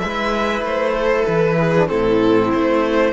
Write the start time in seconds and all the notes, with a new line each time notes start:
0.00 G#3 E4 B4 E5
0.62 A3 C5
0.96 A4
1.26 E3 B4
1.59 G#4
1.76 D4
1.88 A2 C4 E4 A4
2.53 A3 C5